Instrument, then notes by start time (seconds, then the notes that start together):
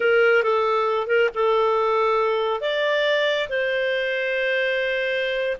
clarinet
0.00 A#4
0.43 A4
1.07 A#4
1.34 A4
2.61 D5
3.49 C5